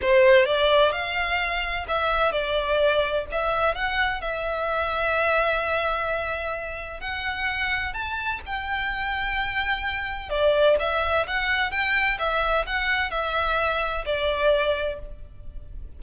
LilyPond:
\new Staff \with { instrumentName = "violin" } { \time 4/4 \tempo 4 = 128 c''4 d''4 f''2 | e''4 d''2 e''4 | fis''4 e''2.~ | e''2. fis''4~ |
fis''4 a''4 g''2~ | g''2 d''4 e''4 | fis''4 g''4 e''4 fis''4 | e''2 d''2 | }